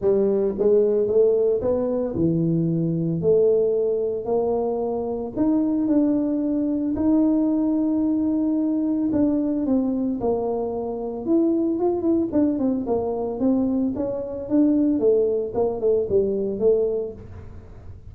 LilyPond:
\new Staff \with { instrumentName = "tuba" } { \time 4/4 \tempo 4 = 112 g4 gis4 a4 b4 | e2 a2 | ais2 dis'4 d'4~ | d'4 dis'2.~ |
dis'4 d'4 c'4 ais4~ | ais4 e'4 f'8 e'8 d'8 c'8 | ais4 c'4 cis'4 d'4 | a4 ais8 a8 g4 a4 | }